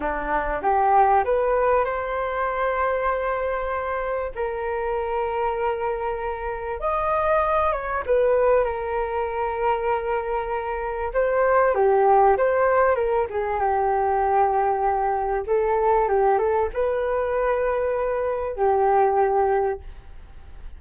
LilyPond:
\new Staff \with { instrumentName = "flute" } { \time 4/4 \tempo 4 = 97 d'4 g'4 b'4 c''4~ | c''2. ais'4~ | ais'2. dis''4~ | dis''8 cis''8 b'4 ais'2~ |
ais'2 c''4 g'4 | c''4 ais'8 gis'8 g'2~ | g'4 a'4 g'8 a'8 b'4~ | b'2 g'2 | }